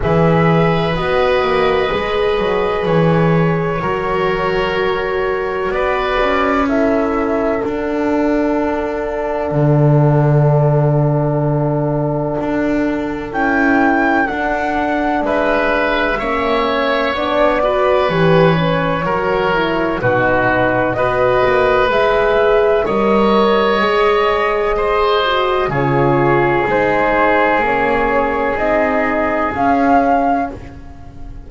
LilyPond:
<<
  \new Staff \with { instrumentName = "flute" } { \time 4/4 \tempo 4 = 63 e''4 dis''2 cis''4~ | cis''2 d''4 e''4 | fis''1~ | fis''2 g''4 fis''4 |
e''2 d''4 cis''4~ | cis''4 b'4 dis''4 e''4 | dis''2. cis''4 | c''4 cis''4 dis''4 f''4 | }
  \new Staff \with { instrumentName = "oboe" } { \time 4/4 b'1 | ais'2 b'4 a'4~ | a'1~ | a'1 |
b'4 cis''4. b'4. | ais'4 fis'4 b'2 | cis''2 c''4 gis'4~ | gis'1 | }
  \new Staff \with { instrumentName = "horn" } { \time 4/4 gis'4 fis'4 gis'2 | fis'2. e'4 | d'1~ | d'2 e'4 d'4~ |
d'4 cis'4 d'8 fis'8 g'8 cis'8 | fis'8 e'8 dis'4 fis'4 gis'4 | ais'4 gis'4. fis'8 f'4 | dis'4 cis'4 dis'4 cis'4 | }
  \new Staff \with { instrumentName = "double bass" } { \time 4/4 e4 b8 ais8 gis8 fis8 e4 | fis2 b8 cis'4. | d'2 d2~ | d4 d'4 cis'4 d'4 |
gis4 ais4 b4 e4 | fis4 b,4 b8 ais8 gis4 | g4 gis2 cis4 | gis4 ais4 c'4 cis'4 | }
>>